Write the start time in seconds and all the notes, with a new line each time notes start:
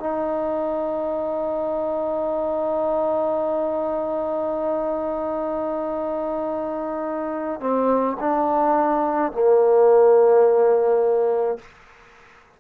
0.00 D#4
7.61 C4
8.20 D4
9.32 A#3